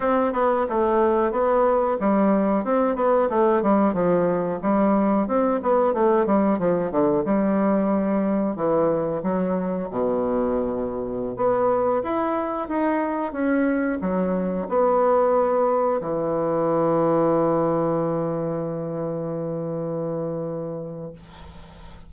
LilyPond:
\new Staff \with { instrumentName = "bassoon" } { \time 4/4 \tempo 4 = 91 c'8 b8 a4 b4 g4 | c'8 b8 a8 g8 f4 g4 | c'8 b8 a8 g8 f8 d8 g4~ | g4 e4 fis4 b,4~ |
b,4~ b,16 b4 e'4 dis'8.~ | dis'16 cis'4 fis4 b4.~ b16~ | b16 e2.~ e8.~ | e1 | }